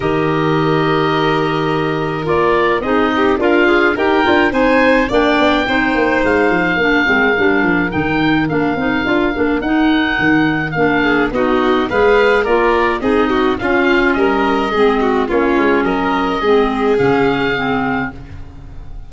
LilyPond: <<
  \new Staff \with { instrumentName = "oboe" } { \time 4/4 \tempo 4 = 106 dis''1 | d''4 dis''4 f''4 g''4 | gis''4 g''2 f''4~ | f''2 g''4 f''4~ |
f''4 fis''2 f''4 | dis''4 f''4 d''4 dis''4 | f''4 dis''2 cis''4 | dis''2 f''2 | }
  \new Staff \with { instrumentName = "violin" } { \time 4/4 ais'1~ | ais'4 gis'8 g'8 f'4 ais'4 | c''4 d''4 c''2 | ais'1~ |
ais'2.~ ais'8 gis'8 | fis'4 b'4 ais'4 gis'8 fis'8 | f'4 ais'4 gis'8 fis'8 f'4 | ais'4 gis'2. | }
  \new Staff \with { instrumentName = "clarinet" } { \time 4/4 g'1 | f'4 dis'4 ais'8 gis'8 g'8 f'8 | dis'4 d'4 dis'2 | d'8 c'8 d'4 dis'4 d'8 dis'8 |
f'8 d'8 dis'2 d'4 | dis'4 gis'4 f'4 dis'4 | cis'2 c'4 cis'4~ | cis'4 c'4 cis'4 c'4 | }
  \new Staff \with { instrumentName = "tuba" } { \time 4/4 dis1 | ais4 c'4 d'4 dis'8 d'8 | c'4 ais8 b8 c'8 ais8 gis8 f8 | ais8 gis8 g8 f8 dis4 ais8 c'8 |
d'8 ais8 dis'4 dis4 ais4 | b4 gis4 ais4 c'4 | cis'4 g4 gis4 ais8 gis8 | fis4 gis4 cis2 | }
>>